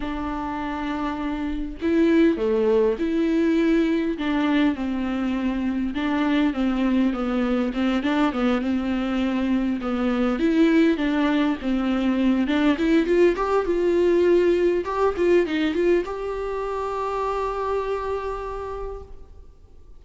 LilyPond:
\new Staff \with { instrumentName = "viola" } { \time 4/4 \tempo 4 = 101 d'2. e'4 | a4 e'2 d'4 | c'2 d'4 c'4 | b4 c'8 d'8 b8 c'4.~ |
c'8 b4 e'4 d'4 c'8~ | c'4 d'8 e'8 f'8 g'8 f'4~ | f'4 g'8 f'8 dis'8 f'8 g'4~ | g'1 | }